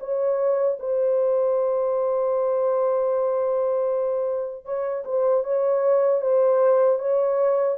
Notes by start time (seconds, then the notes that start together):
0.00 C#5
0.79 C5
4.65 C#5
5.05 C5
5.44 C#5
6.21 C5
6.99 C#5